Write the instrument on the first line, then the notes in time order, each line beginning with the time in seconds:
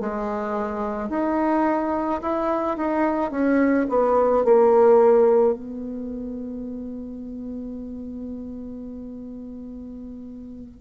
bassoon
0.00 G#3
1.10 D#4
2.21 E4
2.77 D#4
3.31 C#4
3.89 B3
4.44 A#3
5.54 B3